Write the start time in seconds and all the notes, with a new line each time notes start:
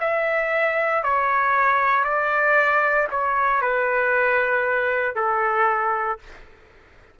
0.00 E5
1.03 C#5
2.04 D5
3.11 C#5
3.61 B4
5.15 A4